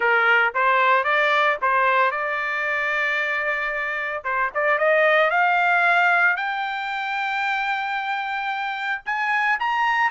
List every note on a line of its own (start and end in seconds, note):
0.00 0.53 A#4
0.54 1.04 C5
1.04 1.57 D5
1.61 2.11 C5
2.11 4.23 D5
4.24 4.50 C5
4.54 4.78 D5
4.78 5.30 D#5
5.30 6.36 F5
6.36 9.01 G5
9.05 9.58 G#5
9.59 10.10 A#5